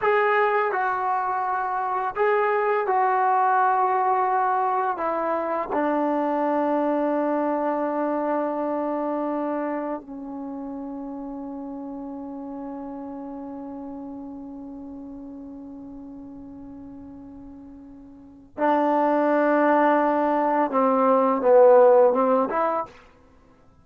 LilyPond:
\new Staff \with { instrumentName = "trombone" } { \time 4/4 \tempo 4 = 84 gis'4 fis'2 gis'4 | fis'2. e'4 | d'1~ | d'2 cis'2~ |
cis'1~ | cis'1~ | cis'2 d'2~ | d'4 c'4 b4 c'8 e'8 | }